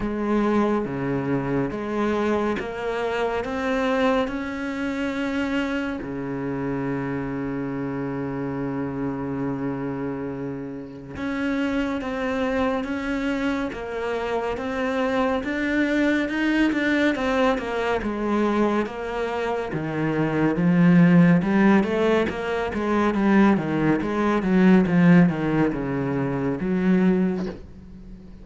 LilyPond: \new Staff \with { instrumentName = "cello" } { \time 4/4 \tempo 4 = 70 gis4 cis4 gis4 ais4 | c'4 cis'2 cis4~ | cis1~ | cis4 cis'4 c'4 cis'4 |
ais4 c'4 d'4 dis'8 d'8 | c'8 ais8 gis4 ais4 dis4 | f4 g8 a8 ais8 gis8 g8 dis8 | gis8 fis8 f8 dis8 cis4 fis4 | }